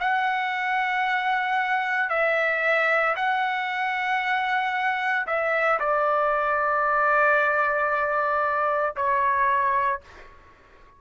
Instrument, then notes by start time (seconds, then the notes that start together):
trumpet
0.00 F#5
2.10 E5
3.16 F#5
5.26 E5
5.79 D5
8.96 C#5